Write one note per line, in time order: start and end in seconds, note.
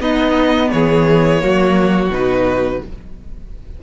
0.00 0.70 B3
0.00 1.40 B3
0.00 0.71 D#4
0.00 0.70 D#5
0.70 1.43 E3
0.70 1.43 G#4
0.70 2.10 C#5
1.40 2.09 F#3
1.40 2.10 A#3
1.40 2.82 F#4
2.09 2.79 B2
2.09 2.82 D#4
2.09 2.83 B4